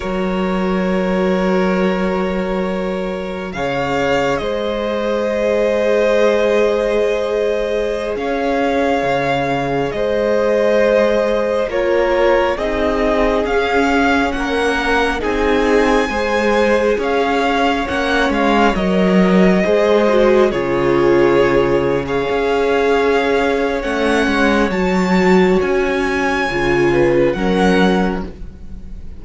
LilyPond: <<
  \new Staff \with { instrumentName = "violin" } { \time 4/4 \tempo 4 = 68 cis''1 | f''4 dis''2.~ | dis''4~ dis''16 f''2 dis''8.~ | dis''4~ dis''16 cis''4 dis''4 f''8.~ |
f''16 fis''4 gis''2 f''8.~ | f''16 fis''8 f''8 dis''2 cis''8.~ | cis''4 f''2 fis''4 | a''4 gis''2 fis''4 | }
  \new Staff \with { instrumentName = "violin" } { \time 4/4 ais'1 | cis''4 c''2.~ | c''4~ c''16 cis''2 c''8.~ | c''4~ c''16 ais'4 gis'4.~ gis'16~ |
gis'16 ais'4 gis'4 c''4 cis''8.~ | cis''2~ cis''16 c''4 gis'8.~ | gis'4 cis''2.~ | cis''2~ cis''8 b'8 ais'4 | }
  \new Staff \with { instrumentName = "viola" } { \time 4/4 fis'1 | gis'1~ | gis'1~ | gis'4~ gis'16 f'4 dis'4 cis'8.~ |
cis'4~ cis'16 dis'4 gis'4.~ gis'16~ | gis'16 cis'4 ais'4 gis'8 fis'8 f'8.~ | f'4 gis'2 cis'4 | fis'2 f'4 cis'4 | }
  \new Staff \with { instrumentName = "cello" } { \time 4/4 fis1 | cis4 gis2.~ | gis4~ gis16 cis'4 cis4 gis8.~ | gis4~ gis16 ais4 c'4 cis'8.~ |
cis'16 ais4 c'4 gis4 cis'8.~ | cis'16 ais8 gis8 fis4 gis4 cis8.~ | cis4~ cis16 cis'4.~ cis'16 a8 gis8 | fis4 cis'4 cis4 fis4 | }
>>